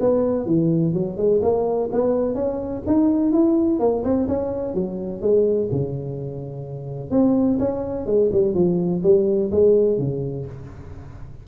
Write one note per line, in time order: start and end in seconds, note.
0.00 0.46 B3
0.46 0.93 E3
0.93 1.17 F#3
1.17 1.41 G#3
1.42 1.90 A#3
1.92 2.35 B3
2.35 2.82 C#4
2.87 3.32 D#4
3.32 3.80 E4
3.80 4.03 A#3
4.04 4.27 C4
4.28 4.74 C#4
4.74 5.21 F#3
5.21 5.69 G#3
5.71 7.11 C#3
7.11 7.58 C4
7.59 8.06 C#4
8.06 8.30 G#3
8.32 8.54 G3
8.54 9.02 F3
9.03 9.51 G3
9.51 9.98 G#3
9.98 10.46 C#3